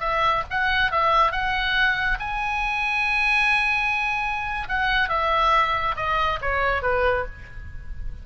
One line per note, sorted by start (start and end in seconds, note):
0.00 0.43 E5
0.51 0.92 F#5
0.92 1.32 E5
1.32 2.18 F#5
2.20 4.68 G#5
4.69 5.09 F#5
5.09 5.96 E5
5.96 6.40 D#5
6.42 6.83 C#5
6.83 7.26 B4